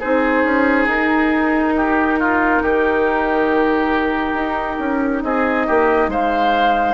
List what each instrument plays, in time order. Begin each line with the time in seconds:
0.00 bassoon C4, clarinet D#4, oboe G#4, flute C5
0.45 bassoon C#4
0.86 bassoon D#4, flute A#4
1.77 oboe G4
2.20 oboe F4
2.62 bassoon D#3, oboe G4
4.34 bassoon D#4
4.80 bassoon C#4
5.24 bassoon C4, oboe G#4, flute D#5
5.67 bassoon A#3, oboe G4
6.08 bassoon G#3, oboe C5, flute F5